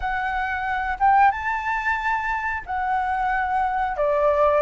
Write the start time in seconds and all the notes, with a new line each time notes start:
0.00 F#5
0.99 G5
1.31 A5
2.66 F#5
3.97 D5